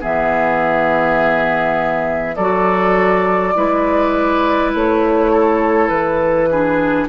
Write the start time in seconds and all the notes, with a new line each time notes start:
0.00 E3 B3 G#4 E5
2.36 F#3 F#4 A4 D5
3.54 G#3 E4 B4
4.74 A3 C#5
5.32 A4
5.88 E3 B4
6.50 D4 G#4